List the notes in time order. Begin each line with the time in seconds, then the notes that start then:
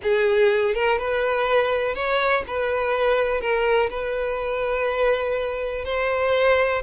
0.02 G#4
0.74 A#4
0.98 B4
1.94 C#5
2.47 B4
3.41 A#4
3.90 B4
5.84 C5